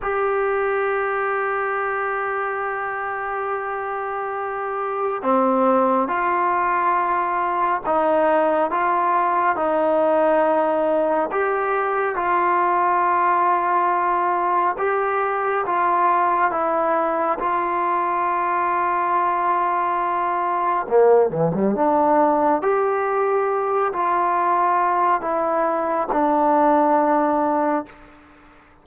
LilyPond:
\new Staff \with { instrumentName = "trombone" } { \time 4/4 \tempo 4 = 69 g'1~ | g'2 c'4 f'4~ | f'4 dis'4 f'4 dis'4~ | dis'4 g'4 f'2~ |
f'4 g'4 f'4 e'4 | f'1 | ais8 e16 g16 d'4 g'4. f'8~ | f'4 e'4 d'2 | }